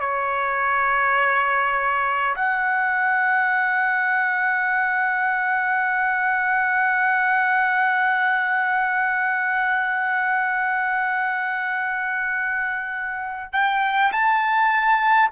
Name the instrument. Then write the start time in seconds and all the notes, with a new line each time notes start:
trumpet
0.00 C#5
2.36 F#5
13.53 G5
14.12 A5